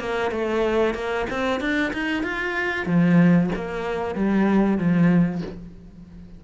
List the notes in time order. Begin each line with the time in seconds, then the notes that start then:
0.00 A#3
0.32 A3
0.95 A#3
1.31 C4
1.61 D4
1.94 D#4
2.23 F4
2.87 F3
3.56 A#3
4.16 G3
4.78 F3